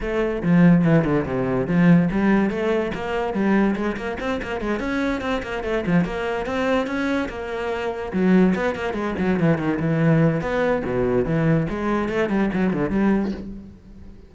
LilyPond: \new Staff \with { instrumentName = "cello" } { \time 4/4 \tempo 4 = 144 a4 f4 e8 d8 c4 | f4 g4 a4 ais4 | g4 gis8 ais8 c'8 ais8 gis8 cis'8~ | cis'8 c'8 ais8 a8 f8 ais4 c'8~ |
c'8 cis'4 ais2 fis8~ | fis8 b8 ais8 gis8 fis8 e8 dis8 e8~ | e4 b4 b,4 e4 | gis4 a8 g8 fis8 d8 g4 | }